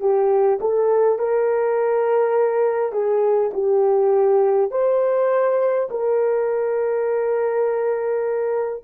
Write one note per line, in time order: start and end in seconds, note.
0.00 0.59 G4
0.60 1.18 A4
1.18 2.92 A#4
2.92 3.51 G#4
3.53 4.71 G4
4.71 5.89 C5
5.90 8.84 A#4